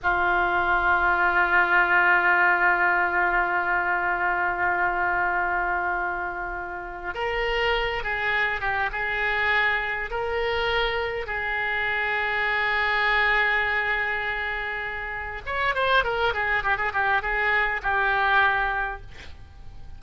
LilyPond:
\new Staff \with { instrumentName = "oboe" } { \time 4/4 \tempo 4 = 101 f'1~ | f'1~ | f'1 | ais'4. gis'4 g'8 gis'4~ |
gis'4 ais'2 gis'4~ | gis'1~ | gis'2 cis''8 c''8 ais'8 gis'8 | g'16 gis'16 g'8 gis'4 g'2 | }